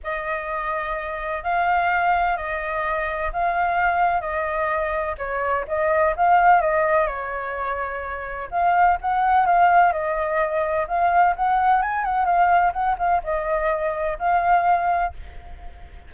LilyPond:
\new Staff \with { instrumentName = "flute" } { \time 4/4 \tempo 4 = 127 dis''2. f''4~ | f''4 dis''2 f''4~ | f''4 dis''2 cis''4 | dis''4 f''4 dis''4 cis''4~ |
cis''2 f''4 fis''4 | f''4 dis''2 f''4 | fis''4 gis''8 fis''8 f''4 fis''8 f''8 | dis''2 f''2 | }